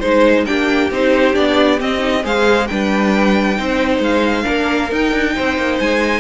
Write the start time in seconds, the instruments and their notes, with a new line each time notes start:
0.00 cello G#3, viola D#4, violin C5
0.46 cello A#3, viola D4, violin G4 G5
0.91 cello C4, viola D#4, violin C5
1.34 cello B3, viola D4, violin D5
1.80 viola C4, cello C4, violin D#5
1.99 viola D#4
2.24 cello G#3, viola G#4, violin C5 F5
2.68 cello G3, viola D4, violin B4 G5
3.56 cello C4, viola D#4, violin C5
4.00 cello G#3, violin F5
4.43 cello A#3, viola D4, violin A#4
4.92 cello D#4, viola D#4, violin G5
5.13 cello D4
5.36 cello C4, violin C5
5.57 cello A#3
5.80 cello G#3, violin G#5